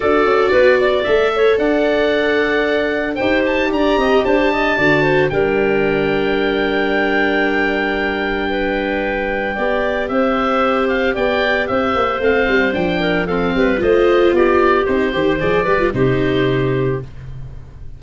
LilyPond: <<
  \new Staff \with { instrumentName = "oboe" } { \time 4/4 \tempo 4 = 113 d''2 e''4 fis''4~ | fis''2 g''8 a''8 ais''4 | a''2 g''2~ | g''1~ |
g''2. e''4~ | e''8 f''8 g''4 e''4 f''4 | g''4 f''4 dis''4 d''4 | c''4 d''4 c''2 | }
  \new Staff \with { instrumentName = "clarinet" } { \time 4/4 a'4 b'8 d''4 cis''8 d''4~ | d''2 c''4 d''8 dis''8 | c''8 dis''8 d''8 c''8 ais'2~ | ais'1 |
b'2 d''4 c''4~ | c''4 d''4 c''2~ | c''8 ais'8 a'8 b'8 c''4 g'4~ | g'8 c''4 b'8 g'2 | }
  \new Staff \with { instrumentName = "viola" } { \time 4/4 fis'2 a'2~ | a'2 g'2~ | g'4 fis'4 d'2~ | d'1~ |
d'2 g'2~ | g'2. c'4 | d'4 c'4 f'2 | dis'8 g'8 gis'8 g'16 f'16 dis'2 | }
  \new Staff \with { instrumentName = "tuba" } { \time 4/4 d'8 cis'8 b4 a4 d'4~ | d'2 dis'4 d'8 c'8 | d'4 d4 g2~ | g1~ |
g2 b4 c'4~ | c'4 b4 c'8 ais8 a8 g8 | f4. g8 a4 b4 | c'8 dis8 f8 g8 c2 | }
>>